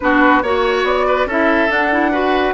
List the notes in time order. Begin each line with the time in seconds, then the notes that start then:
0.00 B3 D4 F#4 B4
0.42 A#3 F#4 C#5
0.83 B3 D5
1.06 B4
1.26 C#4 E4 A4 E5
1.68 D4 F#5
1.91 E4
2.11 F#4 B4